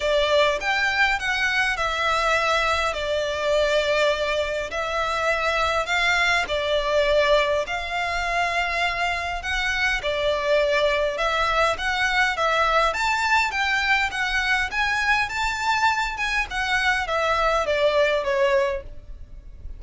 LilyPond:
\new Staff \with { instrumentName = "violin" } { \time 4/4 \tempo 4 = 102 d''4 g''4 fis''4 e''4~ | e''4 d''2. | e''2 f''4 d''4~ | d''4 f''2. |
fis''4 d''2 e''4 | fis''4 e''4 a''4 g''4 | fis''4 gis''4 a''4. gis''8 | fis''4 e''4 d''4 cis''4 | }